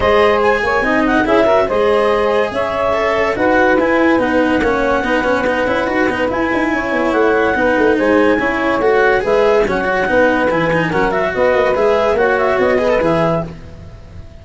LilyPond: <<
  \new Staff \with { instrumentName = "clarinet" } { \time 4/4 \tempo 4 = 143 dis''4 gis''4. fis''8 e''4 | dis''2 e''2 | fis''4 gis''4 fis''2~ | fis''2. gis''4~ |
gis''4 fis''2 gis''4~ | gis''4 fis''4 e''4 fis''4~ | fis''4 gis''4 fis''8 e''8 dis''4 | e''4 fis''8 e''8 dis''4 e''4 | }
  \new Staff \with { instrumentName = "saxophone" } { \time 4/4 c''4. cis''8 dis''4 gis'8 ais'8 | c''2 cis''2 | b'2. cis''4 | b'1 |
cis''2 b'4 c''4 | cis''2 b'4 cis''4 | b'2 ais'4 b'4~ | b'4 cis''4. b'4. | }
  \new Staff \with { instrumentName = "cello" } { \time 4/4 gis'2 dis'4 e'8 fis'8 | gis'2. a'4 | fis'4 e'4 dis'4 cis'4 | dis'8 cis'8 dis'8 e'8 fis'8 dis'8 e'4~ |
e'2 dis'2 | e'4 fis'4 gis'4 cis'8 fis'8 | dis'4 e'8 dis'8 cis'8 fis'4. | gis'4 fis'4. gis'16 a'16 gis'4 | }
  \new Staff \with { instrumentName = "tuba" } { \time 4/4 gis4. ais8 c'4 cis'4 | gis2 cis'2 | dis'4 e'4 b4 ais4 | b4. cis'8 dis'8 b8 e'8 dis'8 |
cis'8 b8 a4 b8 a8 gis4 | cis'4 a4 gis4 fis4 | b4 e4 fis4 b8 ais8 | gis4 ais4 b4 e4 | }
>>